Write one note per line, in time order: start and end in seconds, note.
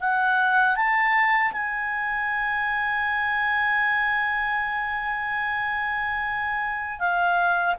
0.00 0.76 F#5
0.76 1.52 A5
1.52 6.99 G#5
6.99 7.75 F5